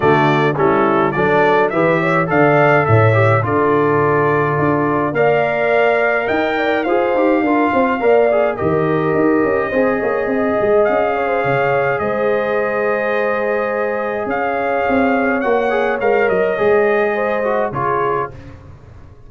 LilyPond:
<<
  \new Staff \with { instrumentName = "trumpet" } { \time 4/4 \tempo 4 = 105 d''4 a'4 d''4 e''4 | f''4 e''4 d''2~ | d''4 f''2 g''4 | f''2. dis''4~ |
dis''2. f''4~ | f''4 dis''2.~ | dis''4 f''2 fis''4 | f''8 dis''2~ dis''8 cis''4 | }
  \new Staff \with { instrumentName = "horn" } { \time 4/4 fis'4 e'4 a'4 b'8 cis''8 | d''4 cis''4 a'2~ | a'4 d''2 dis''8 d''8 | c''4 ais'8 c''8 d''4 ais'4~ |
ais'4 c''8 cis''8 dis''4. cis''16 c''16 | cis''4 c''2.~ | c''4 cis''2.~ | cis''2 c''4 gis'4 | }
  \new Staff \with { instrumentName = "trombone" } { \time 4/4 a4 cis'4 d'4 g'4 | a'4. g'8 f'2~ | f'4 ais'2. | gis'8 g'8 f'4 ais'8 gis'8 g'4~ |
g'4 gis'2.~ | gis'1~ | gis'2. fis'8 gis'8 | ais'4 gis'4. fis'8 f'4 | }
  \new Staff \with { instrumentName = "tuba" } { \time 4/4 d4 g4 fis4 e4 | d4 a,4 d2 | d'4 ais2 dis'4 | f'8 dis'8 d'8 c'8 ais4 dis4 |
dis'8 cis'8 c'8 ais8 c'8 gis8 cis'4 | cis4 gis2.~ | gis4 cis'4 c'4 ais4 | gis8 fis8 gis2 cis4 | }
>>